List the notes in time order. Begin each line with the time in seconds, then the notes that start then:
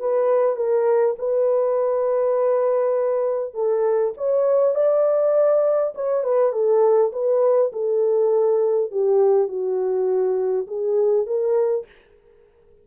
0.00 B4
0.56 A#4
1.19 B4
3.55 A4
4.18 C#5
4.75 D5
5.95 C#5
6.24 B4
6.53 A4
7.13 B4
7.73 A4
8.92 G4
9.49 F#4
10.67 G#4
11.27 A#4